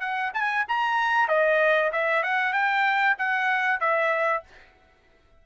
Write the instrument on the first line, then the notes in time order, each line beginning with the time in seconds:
trumpet
0.00 F#5
0.34 G#5
0.68 A#5
1.28 D#5
1.92 E5
2.22 F#5
2.53 G5
3.18 F#5
3.80 E5